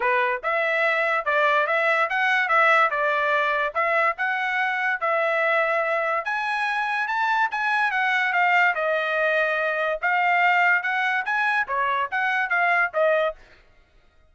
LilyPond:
\new Staff \with { instrumentName = "trumpet" } { \time 4/4 \tempo 4 = 144 b'4 e''2 d''4 | e''4 fis''4 e''4 d''4~ | d''4 e''4 fis''2 | e''2. gis''4~ |
gis''4 a''4 gis''4 fis''4 | f''4 dis''2. | f''2 fis''4 gis''4 | cis''4 fis''4 f''4 dis''4 | }